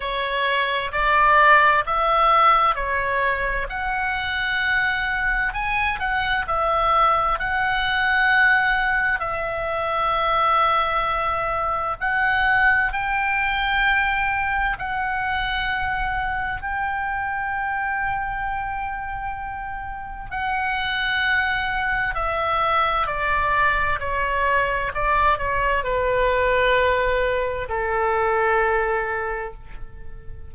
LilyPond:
\new Staff \with { instrumentName = "oboe" } { \time 4/4 \tempo 4 = 65 cis''4 d''4 e''4 cis''4 | fis''2 gis''8 fis''8 e''4 | fis''2 e''2~ | e''4 fis''4 g''2 |
fis''2 g''2~ | g''2 fis''2 | e''4 d''4 cis''4 d''8 cis''8 | b'2 a'2 | }